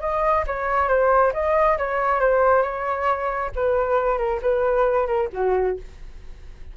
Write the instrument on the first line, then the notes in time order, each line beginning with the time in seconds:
flute
0.00 D#5
0.46 C#5
0.88 C5
1.33 D#5
1.78 C#5
2.20 C5
2.62 C#5
3.55 B4
4.18 A#4
4.42 B4
5.06 A#4
5.32 F#4